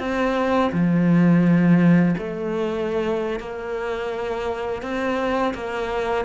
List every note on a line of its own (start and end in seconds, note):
0.00 0.71 C4
0.72 2.15 F3
2.19 3.40 A3
3.40 4.83 A#3
4.83 5.54 C4
5.55 6.25 A#3